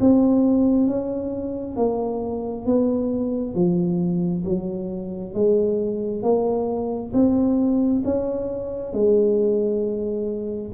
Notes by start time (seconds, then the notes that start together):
0.00 C4
0.87 C#4
1.76 A#3
2.65 B3
3.54 F3
4.45 F#3
5.34 G#3
6.22 A#3
7.13 C4
8.04 C#4
8.93 G#3